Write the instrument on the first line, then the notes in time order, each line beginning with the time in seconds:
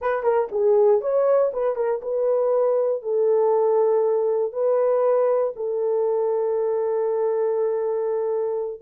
horn
0.01 B4
0.23 A#4
0.51 G#4
1.01 C#5
1.53 B4
1.75 A#4
2.02 B4
3.02 A4
4.52 B4
5.56 A4